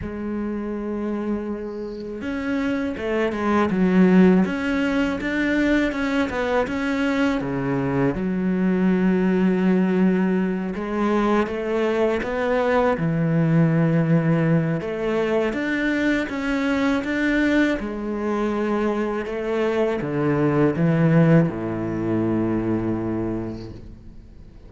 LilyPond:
\new Staff \with { instrumentName = "cello" } { \time 4/4 \tempo 4 = 81 gis2. cis'4 | a8 gis8 fis4 cis'4 d'4 | cis'8 b8 cis'4 cis4 fis4~ | fis2~ fis8 gis4 a8~ |
a8 b4 e2~ e8 | a4 d'4 cis'4 d'4 | gis2 a4 d4 | e4 a,2. | }